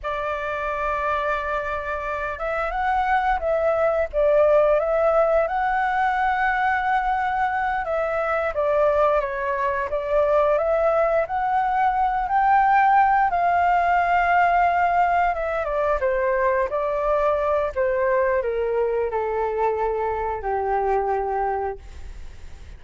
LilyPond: \new Staff \with { instrumentName = "flute" } { \time 4/4 \tempo 4 = 88 d''2.~ d''8 e''8 | fis''4 e''4 d''4 e''4 | fis''2.~ fis''8 e''8~ | e''8 d''4 cis''4 d''4 e''8~ |
e''8 fis''4. g''4. f''8~ | f''2~ f''8 e''8 d''8 c''8~ | c''8 d''4. c''4 ais'4 | a'2 g'2 | }